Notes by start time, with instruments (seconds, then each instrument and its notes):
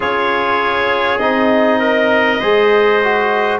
0.00 tuba C#4, trombone F4, trumpet G#4, clarinet C#5
1.18 tuba C4, trombone D#4, clarinet D#5
1.79 trumpet A#4
2.39 tuba G#3, trombone G#4, trumpet C5
3.03 trombone F#4